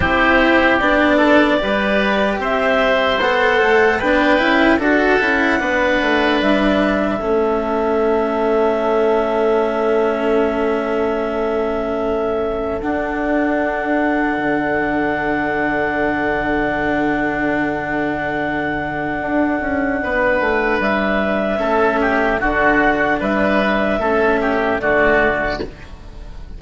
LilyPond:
<<
  \new Staff \with { instrumentName = "clarinet" } { \time 4/4 \tempo 4 = 75 c''4 d''2 e''4 | fis''4 g''4 fis''2 | e''1~ | e''1 |
fis''1~ | fis''1~ | fis''2 e''2 | fis''4 e''2 d''4 | }
  \new Staff \with { instrumentName = "oboe" } { \time 4/4 g'4. a'8 b'4 c''4~ | c''4 b'4 a'4 b'4~ | b'4 a'2.~ | a'1~ |
a'1~ | a'1~ | a'4 b'2 a'8 g'8 | fis'4 b'4 a'8 g'8 fis'4 | }
  \new Staff \with { instrumentName = "cello" } { \time 4/4 e'4 d'4 g'2 | a'4 d'8 e'8 fis'8 e'8 d'4~ | d'4 cis'2.~ | cis'1 |
d'1~ | d'1~ | d'2. cis'4 | d'2 cis'4 a4 | }
  \new Staff \with { instrumentName = "bassoon" } { \time 4/4 c'4 b4 g4 c'4 | b8 a8 b8 cis'8 d'8 cis'8 b8 a8 | g4 a2.~ | a1 |
d'2 d2~ | d1 | d'8 cis'8 b8 a8 g4 a4 | d4 g4 a4 d4 | }
>>